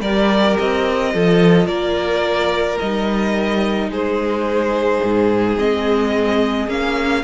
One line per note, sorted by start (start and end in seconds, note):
0.00 0.56 G3
0.00 1.14 G4
0.00 1.12 A#4
0.00 0.57 D5
0.58 1.14 C4
0.58 1.67 D#5
1.13 1.66 F3
1.13 2.81 F4
1.13 1.67 A4
1.66 2.77 A#3
1.66 3.89 A#4
1.66 2.78 D5
2.78 3.88 G3
2.78 5.57 D#4
2.78 3.90 D#5
3.88 4.99 G#3
3.88 7.23 G#4
3.88 5.58 C5
5.03 5.58 G#2
5.57 6.67 G#3
5.57 6.68 C4
5.57 6.69 D#5
6.67 7.23 A#3
6.67 7.23 C#4
6.67 7.23 F5